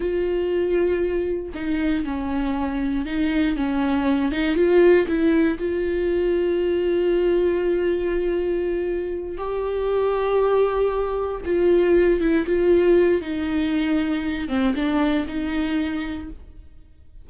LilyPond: \new Staff \with { instrumentName = "viola" } { \time 4/4 \tempo 4 = 118 f'2. dis'4 | cis'2 dis'4 cis'4~ | cis'8 dis'8 f'4 e'4 f'4~ | f'1~ |
f'2~ f'8 g'4.~ | g'2~ g'8 f'4. | e'8 f'4. dis'2~ | dis'8 c'8 d'4 dis'2 | }